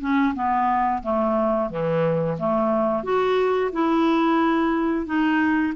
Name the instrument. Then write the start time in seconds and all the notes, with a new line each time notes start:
clarinet
0.00 C#4
0.35 B3
1.02 A3
1.69 E3
2.38 A3
3.03 F#4
3.72 E4
5.06 D#4